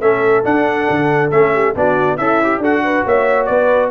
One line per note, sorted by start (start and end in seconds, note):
0.00 0.43 A3
0.00 0.44 C#4
0.00 1.53 A4
0.00 0.44 E5
0.44 1.31 D4
0.44 0.88 D4
0.44 1.31 F#5
0.90 1.31 D3
1.31 1.75 A3
1.31 1.75 C#4
1.31 1.74 E5
1.54 1.75 G4
1.75 2.18 B3
1.75 2.19 D4
1.75 2.17 F#4
1.75 2.17 D5
2.17 2.59 C#4
2.17 2.61 E4
2.17 2.42 A4
2.17 2.61 E5
2.43 2.63 G4
2.59 3.02 D4
2.59 3.91 F#4
2.59 2.83 A4
2.59 3.07 F#5
2.84 3.06 B4
3.05 3.49 A#3
3.05 3.49 C#5
3.05 3.46 E5
3.46 3.91 B3
3.46 3.91 B4
3.46 3.89 D5